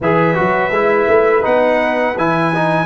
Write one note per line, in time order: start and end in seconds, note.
0.00 0.36 E3
0.00 0.34 G#4
0.00 2.86 B4
0.00 1.45 E5
0.34 0.70 F#3
0.34 0.70 F#4
0.70 1.06 G#3
0.70 1.42 E4
1.07 1.43 A3
1.42 2.17 B3
1.42 2.14 D#4
1.42 2.17 F#5
2.17 2.86 E3
2.17 2.53 E4
2.17 2.86 G#5
2.54 2.86 D#4